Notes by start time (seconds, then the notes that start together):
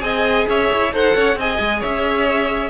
0.00 C4 G#4 D#5 G#5
0.48 C#4 C#5 E5
0.73 E4
0.93 D#4 A4 C5 F#5
1.16 C#4 C#5
1.36 C4 G#4 D#5 G#5
1.60 G#3
1.80 C#4 C#5 E5